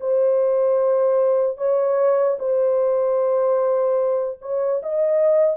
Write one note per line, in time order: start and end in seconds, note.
0.00 1.57 C5
1.57 2.37 C#5
2.39 4.39 C5
4.41 4.81 C#5
4.83 5.57 D#5